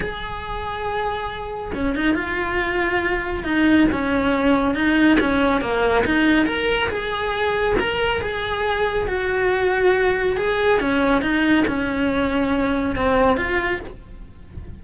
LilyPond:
\new Staff \with { instrumentName = "cello" } { \time 4/4 \tempo 4 = 139 gis'1 | cis'8 dis'8 f'2. | dis'4 cis'2 dis'4 | cis'4 ais4 dis'4 ais'4 |
gis'2 ais'4 gis'4~ | gis'4 fis'2. | gis'4 cis'4 dis'4 cis'4~ | cis'2 c'4 f'4 | }